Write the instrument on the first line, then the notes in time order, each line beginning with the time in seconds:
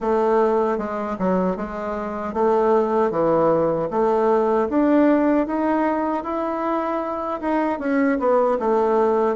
bassoon
0.00 A3
0.78 G#3
1.18 F#3
1.56 G#3
2.33 A3
3.11 E3
3.90 A3
4.69 D4
5.47 D#4
6.23 E4
7.41 D#4
7.79 C#4
8.19 B3
8.59 A3